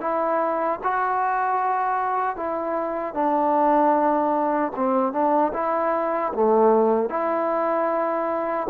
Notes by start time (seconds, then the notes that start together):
0.00 E4
0.83 F#4
2.36 E4
3.14 D4
4.75 C4
5.12 D4
5.53 E4
6.33 A3
7.09 E4